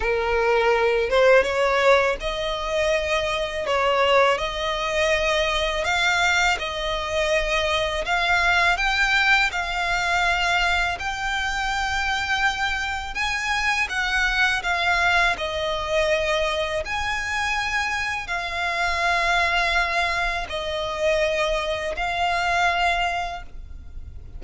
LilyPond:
\new Staff \with { instrumentName = "violin" } { \time 4/4 \tempo 4 = 82 ais'4. c''8 cis''4 dis''4~ | dis''4 cis''4 dis''2 | f''4 dis''2 f''4 | g''4 f''2 g''4~ |
g''2 gis''4 fis''4 | f''4 dis''2 gis''4~ | gis''4 f''2. | dis''2 f''2 | }